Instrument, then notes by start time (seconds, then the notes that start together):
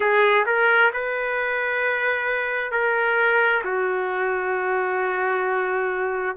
trumpet
0.00 G#4
0.45 A#4
0.93 B4
2.71 A#4
3.64 F#4